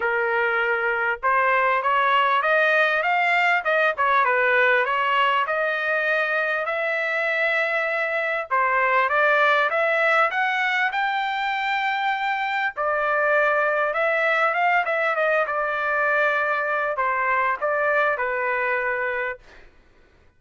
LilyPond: \new Staff \with { instrumentName = "trumpet" } { \time 4/4 \tempo 4 = 99 ais'2 c''4 cis''4 | dis''4 f''4 dis''8 cis''8 b'4 | cis''4 dis''2 e''4~ | e''2 c''4 d''4 |
e''4 fis''4 g''2~ | g''4 d''2 e''4 | f''8 e''8 dis''8 d''2~ d''8 | c''4 d''4 b'2 | }